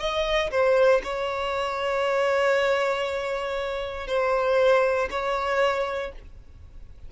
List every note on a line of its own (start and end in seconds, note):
0.00 0.51 D#5
0.51 1.02 C5
1.04 4.08 C#5
4.08 5.09 C5
5.11 6.12 C#5